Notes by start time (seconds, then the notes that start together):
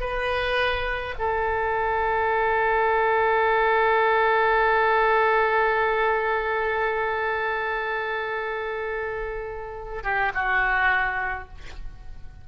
0.00 B4
1.18 A4
10.03 G4
10.34 F#4